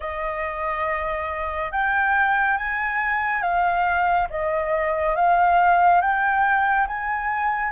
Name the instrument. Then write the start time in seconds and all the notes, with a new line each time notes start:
flute
0.00 D#5
1.71 G5
2.57 G#5
3.42 F5
4.29 D#5
5.15 F5
6.01 G5
6.87 G#5